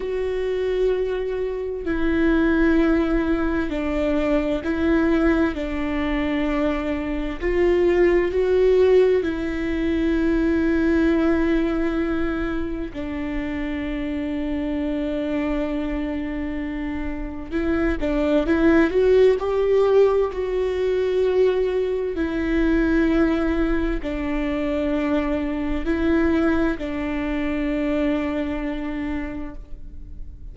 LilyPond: \new Staff \with { instrumentName = "viola" } { \time 4/4 \tempo 4 = 65 fis'2 e'2 | d'4 e'4 d'2 | f'4 fis'4 e'2~ | e'2 d'2~ |
d'2. e'8 d'8 | e'8 fis'8 g'4 fis'2 | e'2 d'2 | e'4 d'2. | }